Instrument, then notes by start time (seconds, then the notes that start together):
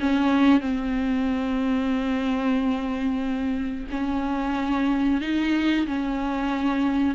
viola
0.00 C#4
0.61 C4
3.91 C#4
5.21 D#4
5.87 C#4